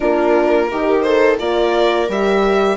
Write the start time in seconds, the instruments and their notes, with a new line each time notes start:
0.00 bassoon A#3, horn D4, viola F4, violin A#4
0.70 bassoon D#3, horn D#4, viola G4
1.01 viola A4, violin C5
1.38 bassoon A#3, horn F4, viola A#4, violin D5
2.08 bassoon G3, horn G4, violin E5